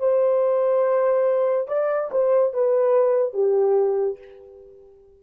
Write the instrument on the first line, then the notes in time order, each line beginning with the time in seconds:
horn
0.00 C5
1.68 D5
2.12 C5
2.54 B4
3.34 G4